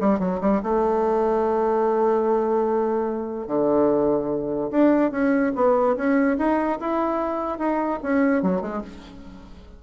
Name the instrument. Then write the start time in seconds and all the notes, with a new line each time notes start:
bassoon
0.00 G3
0.19 F#3
0.41 G3
0.62 A3
3.47 D3
4.70 D4
5.11 C#4
5.55 B3
5.96 C#4
6.38 D#4
6.80 E4
7.58 D#4
8.02 C#4
8.42 F#3
8.61 G#3